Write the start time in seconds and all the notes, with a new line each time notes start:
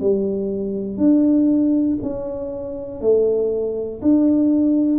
0.00 G3
0.97 D4
2.02 C#4
3.01 A3
4.02 D4